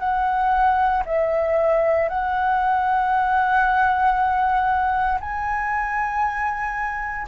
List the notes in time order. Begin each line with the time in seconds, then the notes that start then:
0.00 F#5
1.06 E5
2.09 F#5
5.21 G#5